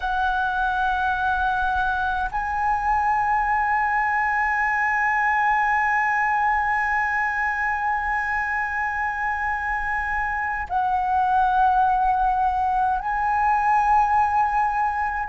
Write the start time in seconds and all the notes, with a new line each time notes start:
0.00 F#5
2.31 G#5
10.69 F#5
12.99 G#5